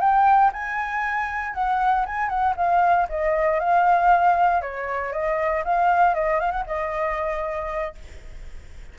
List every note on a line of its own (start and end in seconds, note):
0.00 0.51 G5
0.53 1.54 G#5
1.54 2.06 F#5
2.06 2.29 G#5
2.29 2.55 F#5
2.56 3.08 F5
3.09 3.60 D#5
3.60 4.62 F5
4.62 5.12 C#5
5.12 5.64 D#5
5.65 6.15 F5
6.15 6.40 D#5
6.40 6.51 F5
6.51 6.64 F#5
6.67 7.95 D#5